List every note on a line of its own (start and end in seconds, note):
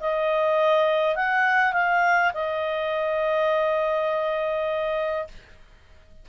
0.00 1.16 D#5
1.16 1.73 F#5
1.73 2.32 F5
2.34 5.28 D#5